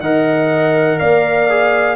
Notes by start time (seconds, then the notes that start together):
0.00 D#3 A#4 D#5 F#5
0.99 A#3 D5 F5
1.50 G#4